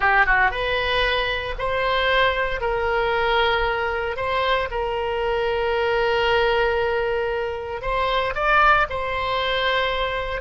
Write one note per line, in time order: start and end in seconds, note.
0.00 0.26 G4
0.26 0.50 F#4
0.50 1.55 B4
1.58 2.60 C5
2.60 4.16 A#4
4.16 4.68 C5
4.70 7.81 A#4
7.81 8.33 C5
8.34 8.86 D5
8.89 10.41 C5